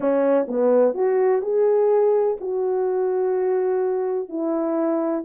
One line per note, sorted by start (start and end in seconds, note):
0.00 0.46 C#4
0.48 0.94 B3
0.94 1.42 F#4
1.42 2.37 G#4
2.40 4.29 F#4
4.29 5.24 E4